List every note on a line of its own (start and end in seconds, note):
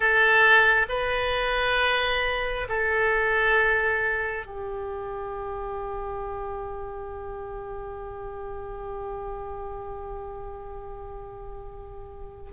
0.00 0.86 A4
0.88 2.67 B4
2.68 4.45 A4
4.45 12.51 G4